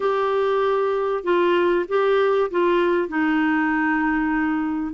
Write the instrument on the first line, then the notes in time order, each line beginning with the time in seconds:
clarinet
0.00 G4
1.23 F4
1.88 G4
2.51 F4
3.08 D#4